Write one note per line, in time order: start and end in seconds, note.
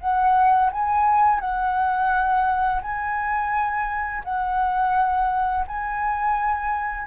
0.00 0.71 F#5
0.72 1.41 G#5
1.41 2.82 F#5
2.82 4.23 G#5
4.24 5.65 F#5
5.68 7.07 G#5